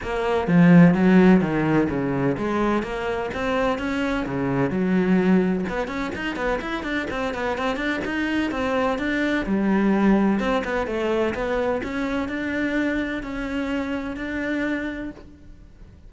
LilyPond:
\new Staff \with { instrumentName = "cello" } { \time 4/4 \tempo 4 = 127 ais4 f4 fis4 dis4 | cis4 gis4 ais4 c'4 | cis'4 cis4 fis2 | b8 cis'8 dis'8 b8 e'8 d'8 c'8 b8 |
c'8 d'8 dis'4 c'4 d'4 | g2 c'8 b8 a4 | b4 cis'4 d'2 | cis'2 d'2 | }